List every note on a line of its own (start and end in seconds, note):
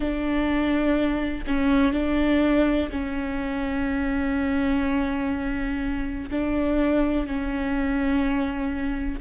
0.00 1.44 D4
1.46 1.92 C#4
1.92 2.89 D4
2.91 6.30 C#4
6.30 7.26 D4
7.26 9.20 C#4